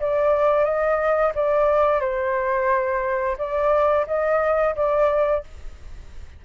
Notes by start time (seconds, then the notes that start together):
0.00 D5
0.64 D#5
1.35 D5
2.01 C5
3.38 D5
4.07 D#5
4.75 D5